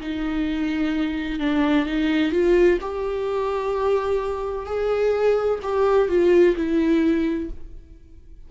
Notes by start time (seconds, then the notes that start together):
0.00 D#4
1.39 D4
1.86 D#4
2.31 F4
2.81 G4
4.66 G#4
5.62 G4
6.09 F4
6.56 E4